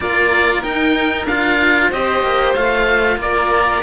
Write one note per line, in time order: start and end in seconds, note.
0.00 0.63 A#3
0.00 0.62 F4
0.00 1.89 A#4
0.00 0.62 D5
0.62 1.26 D#4
0.62 1.26 G5
1.26 1.89 D4
1.26 1.92 F4
1.26 1.91 F5
1.89 2.22 C4
1.89 2.56 G4
1.89 3.16 C5
1.89 2.54 D#5
2.22 2.54 A#3
2.54 3.17 A3
2.54 3.83 F4
2.54 3.17 F5
3.17 3.81 A#3
3.17 3.83 D5
3.24 3.83 A#4